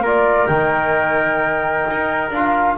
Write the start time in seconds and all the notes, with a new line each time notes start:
0.00 A#3 F4 A#4
0.07 D5
0.47 D#3 D#4 G5
1.90 D#4
2.30 D4 F4 F5